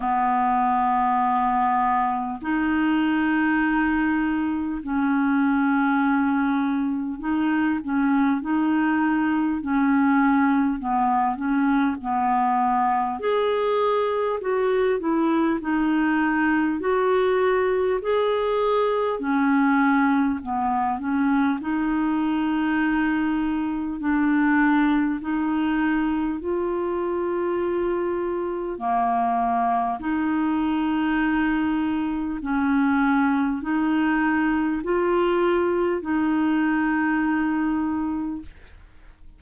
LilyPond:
\new Staff \with { instrumentName = "clarinet" } { \time 4/4 \tempo 4 = 50 b2 dis'2 | cis'2 dis'8 cis'8 dis'4 | cis'4 b8 cis'8 b4 gis'4 | fis'8 e'8 dis'4 fis'4 gis'4 |
cis'4 b8 cis'8 dis'2 | d'4 dis'4 f'2 | ais4 dis'2 cis'4 | dis'4 f'4 dis'2 | }